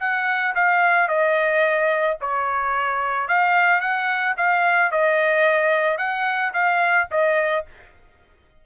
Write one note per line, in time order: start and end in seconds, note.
0.00 0.55 F#5
0.55 1.09 F5
1.09 2.18 D#5
2.21 3.29 C#5
3.29 3.81 F5
3.81 4.35 F#5
4.37 4.92 F5
4.92 5.98 D#5
5.98 6.53 F#5
6.54 7.08 F5
7.11 7.66 D#5